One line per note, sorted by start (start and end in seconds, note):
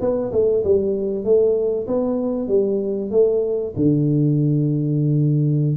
0.00 0.31 B3
0.32 0.63 A3
0.64 1.24 G3
1.24 1.86 A3
1.87 2.48 B3
2.48 3.10 G3
3.11 3.73 A3
3.75 5.76 D3